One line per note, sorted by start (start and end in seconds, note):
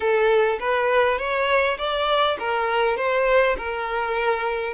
0.00 0.59 A4
0.59 1.18 B4
1.18 1.77 C#5
1.77 2.37 D5
2.39 2.96 A#4
2.96 3.56 C5
3.57 4.73 A#4